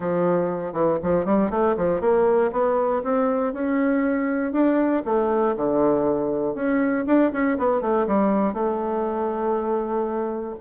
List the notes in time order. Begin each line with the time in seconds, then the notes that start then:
0.00 F3
0.73 E3
1.02 F3
1.25 G3
1.50 A3
1.76 F3
2.00 A#3
2.52 B3
3.03 C4
3.53 C#4
4.52 D4
5.05 A3
5.56 D3
6.54 C#4
7.06 D4
7.32 C#4
7.58 B3
7.81 A3
8.07 G3
8.53 A3